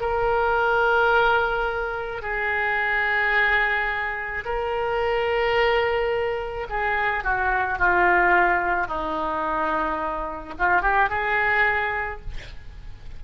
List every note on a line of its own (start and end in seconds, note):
0.00 2.22 A#4
2.22 4.44 G#4
4.45 6.67 A#4
6.69 7.24 G#4
7.24 7.78 F#4
7.78 8.87 F4
8.87 10.54 D#4
10.59 10.81 F4
10.81 11.09 G4
11.09 12.20 G#4